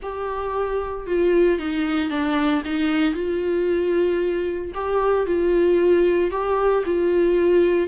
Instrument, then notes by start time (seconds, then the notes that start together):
viola
0.02 G4
1.06 F4
1.58 D#4
2.10 D4
2.65 D#4
3.14 F4
4.74 G4
5.26 F4
6.31 G4
6.85 F4